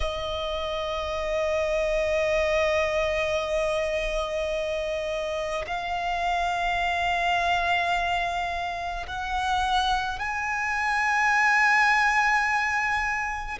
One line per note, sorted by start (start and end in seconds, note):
0.00 5.64 D#5
5.66 9.06 F5
9.07 10.19 F#5
10.19 13.58 G#5